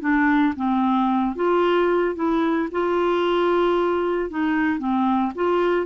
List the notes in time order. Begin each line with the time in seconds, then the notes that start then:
0.00 D4
0.56 C4
1.35 F4
2.15 E4
2.71 F4
4.30 D#4
4.78 C4
5.35 F4